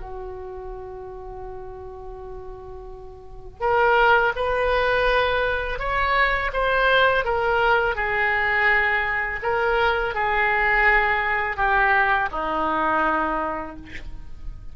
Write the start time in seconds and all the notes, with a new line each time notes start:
0.00 F#4
3.60 A#4
4.36 B4
5.79 C#5
6.53 C5
7.24 A#4
7.95 G#4
9.42 A#4
10.15 G#4
11.57 G4
12.31 D#4